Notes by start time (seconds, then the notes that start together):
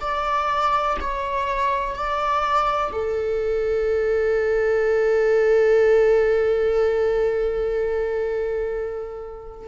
0.00 D5
1.00 C#5
1.95 D5
2.92 A4